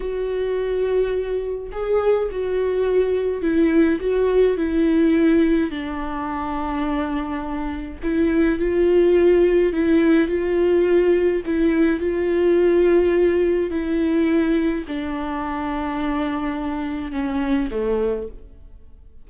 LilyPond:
\new Staff \with { instrumentName = "viola" } { \time 4/4 \tempo 4 = 105 fis'2. gis'4 | fis'2 e'4 fis'4 | e'2 d'2~ | d'2 e'4 f'4~ |
f'4 e'4 f'2 | e'4 f'2. | e'2 d'2~ | d'2 cis'4 a4 | }